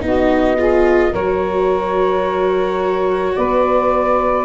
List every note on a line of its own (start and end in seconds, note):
0.00 1.13 B3
0.00 0.56 D#4
0.00 0.58 F#4
0.00 1.14 D#5
0.58 1.14 F4
0.58 1.11 G#4
1.11 3.36 F#3
1.11 4.45 F#4
1.11 3.34 A#4
1.11 3.34 C#5
3.34 4.45 B3
3.34 4.45 B4
3.34 4.45 D5